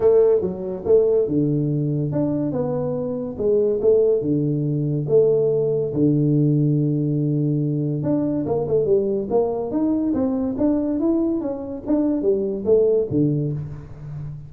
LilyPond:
\new Staff \with { instrumentName = "tuba" } { \time 4/4 \tempo 4 = 142 a4 fis4 a4 d4~ | d4 d'4 b2 | gis4 a4 d2 | a2 d2~ |
d2. d'4 | ais8 a8 g4 ais4 dis'4 | c'4 d'4 e'4 cis'4 | d'4 g4 a4 d4 | }